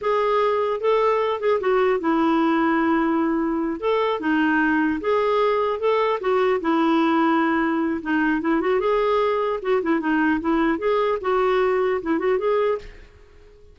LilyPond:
\new Staff \with { instrumentName = "clarinet" } { \time 4/4 \tempo 4 = 150 gis'2 a'4. gis'8 | fis'4 e'2.~ | e'4. a'4 dis'4.~ | dis'8 gis'2 a'4 fis'8~ |
fis'8 e'2.~ e'8 | dis'4 e'8 fis'8 gis'2 | fis'8 e'8 dis'4 e'4 gis'4 | fis'2 e'8 fis'8 gis'4 | }